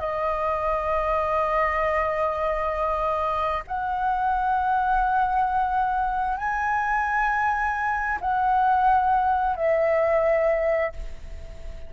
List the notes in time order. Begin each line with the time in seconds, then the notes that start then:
0.00 D#5
3.67 F#5
6.37 G#5
8.21 F#5
9.57 E5